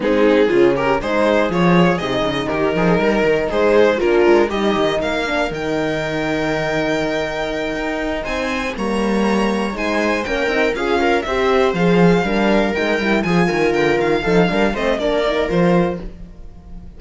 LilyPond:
<<
  \new Staff \with { instrumentName = "violin" } { \time 4/4 \tempo 4 = 120 gis'4. ais'8 c''4 cis''4 | dis''4 ais'2 c''4 | ais'4 dis''4 f''4 g''4~ | g''1~ |
g''8 gis''4 ais''2 gis''8~ | gis''8 g''4 f''4 e''4 f''8~ | f''4. g''4 gis''4 g''8 | f''4. dis''8 d''4 c''4 | }
  \new Staff \with { instrumentName = "viola" } { \time 4/4 dis'4 f'8 g'8 gis'2~ | gis'4 g'8 gis'8 ais'4 gis'4 | f'4 g'4 ais'2~ | ais'1~ |
ais'8 c''4 cis''2 c''8~ | c''8 ais'4 gis'8 ais'8 c''4.~ | c''8 ais'2 gis'8 ais'4~ | ais'8 a'8 ais'8 c''8 ais'2 | }
  \new Staff \with { instrumentName = "horn" } { \time 4/4 c'4 cis'4 dis'4 f'4 | dis'1 | d'4 dis'4. d'8 dis'4~ | dis'1~ |
dis'4. ais2 dis'8~ | dis'8 cis'8 dis'8 f'4 g'4 gis'8~ | gis'8 d'4 dis'8 e'8 f'4.~ | f'8 dis'8 d'8 c'8 d'8 dis'8 f'4 | }
  \new Staff \with { instrumentName = "cello" } { \time 4/4 gis4 cis4 gis4 f4 | c8 cis8 dis8 f8 g8 dis8 gis4 | ais8 gis8 g8 dis8 ais4 dis4~ | dis2.~ dis8 dis'8~ |
dis'8 c'4 g2 gis8~ | gis8 ais8 c'8 cis'4 c'4 f8~ | f8 g4 gis8 g8 f8 dis8 d8 | dis8 f8 g8 a8 ais4 f4 | }
>>